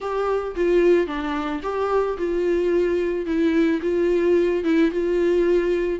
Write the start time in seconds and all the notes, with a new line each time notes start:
0.00 G4
0.55 F4
1.06 D4
1.62 G4
2.17 F4
3.26 E4
3.82 F4
4.64 E4
4.91 F4